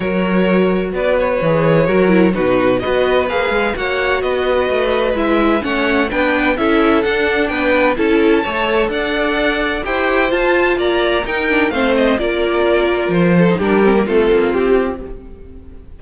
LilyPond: <<
  \new Staff \with { instrumentName = "violin" } { \time 4/4 \tempo 4 = 128 cis''2 d''8 cis''4.~ | cis''4 b'4 dis''4 f''4 | fis''4 dis''2 e''4 | fis''4 g''4 e''4 fis''4 |
g''4 a''2 fis''4~ | fis''4 g''4 a''4 ais''4 | g''4 f''8 dis''8 d''2 | c''4 ais'4 a'4 g'4 | }
  \new Staff \with { instrumentName = "violin" } { \time 4/4 ais'2 b'2 | ais'4 fis'4 b'2 | cis''4 b'2. | cis''4 b'4 a'2 |
b'4 a'4 cis''4 d''4~ | d''4 c''2 d''4 | ais'4 c''4 ais'2~ | ais'8 a'8 g'4 f'2 | }
  \new Staff \with { instrumentName = "viola" } { \time 4/4 fis'2. gis'4 | fis'8 e'8 dis'4 fis'4 gis'4 | fis'2. e'4 | cis'4 d'4 e'4 d'4~ |
d'4 e'4 a'2~ | a'4 g'4 f'2 | dis'8 d'8 c'4 f'2~ | f'8. dis'16 d'8 c'16 ais16 c'2 | }
  \new Staff \with { instrumentName = "cello" } { \time 4/4 fis2 b4 e4 | fis4 b,4 b4 ais8 gis8 | ais4 b4 a4 gis4 | a4 b4 cis'4 d'4 |
b4 cis'4 a4 d'4~ | d'4 e'4 f'4 ais4 | dis'4 a4 ais2 | f4 g4 a8 ais8 c'4 | }
>>